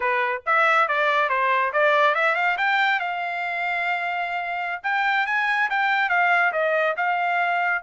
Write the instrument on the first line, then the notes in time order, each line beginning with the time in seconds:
trumpet
0.00 B4
0.46 E5
0.88 D5
1.29 C5
1.72 D5
2.14 E5
2.35 F5
2.57 G5
2.99 F5
4.83 G5
5.26 G#5
5.69 G5
6.09 F5
6.52 D#5
6.96 F5